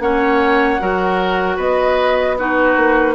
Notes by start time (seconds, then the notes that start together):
0.00 A#3 C#4 C#5 F#5
0.80 F#3 F#4 A#4
1.57 B3 B4 D#5
2.38 D#4 F#4 B4
2.77 A#3